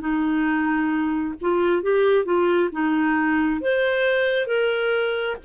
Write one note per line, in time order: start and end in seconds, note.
0.00 1.34 D#4
1.41 1.82 F4
1.82 2.25 G4
2.25 2.69 F4
2.72 3.61 D#4
3.61 4.47 C5
4.47 5.36 A#4